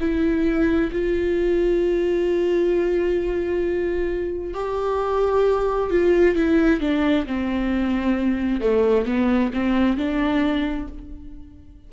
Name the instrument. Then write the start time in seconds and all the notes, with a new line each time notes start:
viola
0.00 E4
0.92 F4
4.54 G4
5.90 F4
6.36 E4
6.81 D4
7.26 C4
8.61 A3
9.06 B3
9.53 C4
9.98 D4